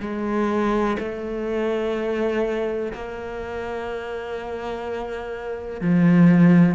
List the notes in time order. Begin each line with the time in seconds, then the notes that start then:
0.00 G#3
0.99 A3
2.93 A#3
5.81 F3